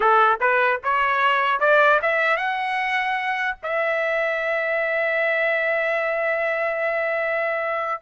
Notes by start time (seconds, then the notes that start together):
0.00 A4
0.40 B4
0.83 C#5
1.60 D5
2.02 E5
2.37 F#5
3.63 E5